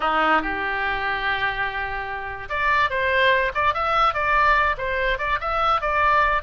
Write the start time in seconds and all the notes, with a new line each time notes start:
0.00 D#4
0.41 G4
2.49 D5
2.90 C5
3.54 D5
3.74 E5
4.14 D5
4.77 C5
5.18 D5
5.40 E5
5.81 D5